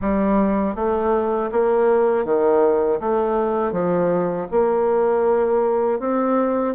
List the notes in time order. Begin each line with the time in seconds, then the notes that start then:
0.01 G3
0.75 A3
1.51 A#3
2.24 D#3
3.00 A3
3.71 F3
4.51 A#3
5.99 C4